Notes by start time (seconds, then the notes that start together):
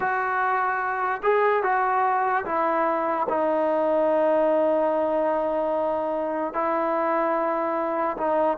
0.00 F#4
1.22 G#4
1.63 F#4
2.45 E4
3.28 D#4
6.53 E4
8.17 D#4